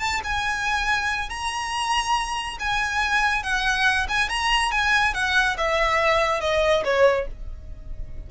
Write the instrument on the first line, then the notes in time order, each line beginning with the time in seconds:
violin
0.00 A5
0.24 G#5
1.30 A#5
2.60 G#5
3.43 F#5
4.09 G#5
4.29 A#5
4.72 G#5
5.14 F#5
5.58 E5
6.41 D#5
6.85 C#5